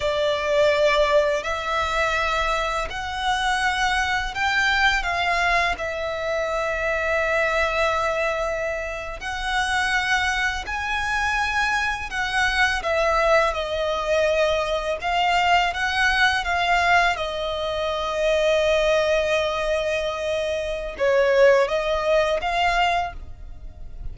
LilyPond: \new Staff \with { instrumentName = "violin" } { \time 4/4 \tempo 4 = 83 d''2 e''2 | fis''2 g''4 f''4 | e''1~ | e''8. fis''2 gis''4~ gis''16~ |
gis''8. fis''4 e''4 dis''4~ dis''16~ | dis''8. f''4 fis''4 f''4 dis''16~ | dis''1~ | dis''4 cis''4 dis''4 f''4 | }